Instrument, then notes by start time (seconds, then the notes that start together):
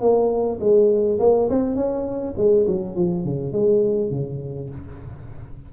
tuba
0.00 A#3
0.60 G#3
1.19 A#3
1.49 C4
1.75 C#4
2.37 G#3
2.67 F#3
2.95 F3
3.25 C#3
3.52 G#3
4.11 C#3